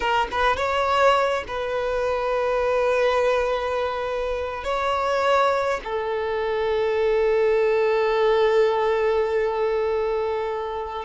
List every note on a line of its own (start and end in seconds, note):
0.00 0.27 A#4
0.31 0.56 B4
0.56 1.44 C#5
1.47 4.63 B4
4.63 5.80 C#5
5.84 11.05 A4